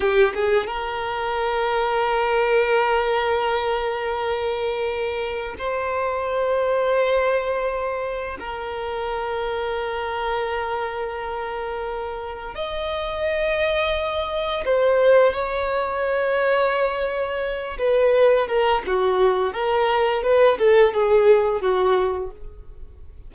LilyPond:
\new Staff \with { instrumentName = "violin" } { \time 4/4 \tempo 4 = 86 g'8 gis'8 ais'2.~ | ais'1 | c''1 | ais'1~ |
ais'2 dis''2~ | dis''4 c''4 cis''2~ | cis''4. b'4 ais'8 fis'4 | ais'4 b'8 a'8 gis'4 fis'4 | }